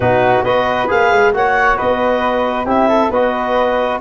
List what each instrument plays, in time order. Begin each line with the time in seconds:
0.00 tuba B2, trombone D#4, flute F#4, clarinet B4
0.43 tuba B3, trombone F#4, flute B4, clarinet D#5
0.88 tuba A#3, trombone G#4, clarinet F5
1.11 tuba G#3
1.32 tuba A#3, trombone F#4, flute C#5, clarinet F#5
1.77 tuba B3, flute B4, clarinet D#5
2.65 tuba C4, trombone E4, flute G4, clarinet E5
2.88 flute A4
3.10 tuba B3, trombone F#4, flute B4, clarinet D#5